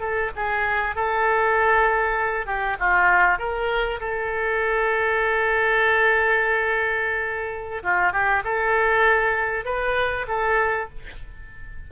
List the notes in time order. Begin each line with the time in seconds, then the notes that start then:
0.00 A4
0.36 G#4
0.96 A4
2.46 G4
2.80 F4
3.39 A#4
4.00 A4
7.83 F4
8.13 G4
8.44 A4
9.65 B4
10.28 A4